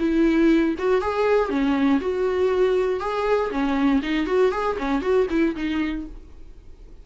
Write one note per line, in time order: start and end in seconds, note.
0.00 0.76 E4
0.79 1.02 F#4
1.02 1.50 G#4
1.50 2.01 C#4
2.01 3.00 F#4
3.00 3.51 G#4
3.51 4.02 C#4
4.03 4.27 D#4
4.27 4.52 F#4
4.52 4.77 G#4
4.79 5.02 C#4
5.02 5.27 F#4
5.31 5.56 E4
5.56 6.07 D#4